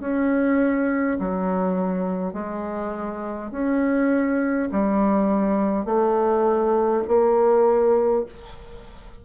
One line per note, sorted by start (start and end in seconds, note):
0.00 1.18 C#4
1.19 2.33 F#3
2.33 3.51 G#3
3.51 4.69 C#4
4.72 5.85 G3
5.85 7.03 A3
7.07 8.25 A#3